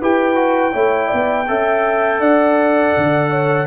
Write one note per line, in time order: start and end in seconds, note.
0.00 0.74 E4
0.00 0.35 G4
0.00 0.73 B4
0.00 2.21 G5
0.35 0.71 F#4
0.72 1.11 A3
0.72 1.45 E4
0.72 1.07 C#5
1.07 1.49 B3
1.07 1.44 D5
1.48 2.20 C#4
1.48 3.66 A4
1.48 2.21 E5
2.20 2.93 D4
2.20 3.30 D5
2.20 3.66 F#5
2.97 3.66 D3
3.31 3.66 C#5